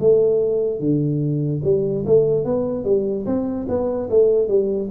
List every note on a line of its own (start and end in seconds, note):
0.00 0.80 A3
0.80 1.62 D3
1.64 2.05 G3
2.06 2.45 A3
2.45 2.85 B3
2.85 3.26 G3
3.26 3.67 C4
3.68 4.09 B3
4.10 4.48 A3
4.48 4.89 G3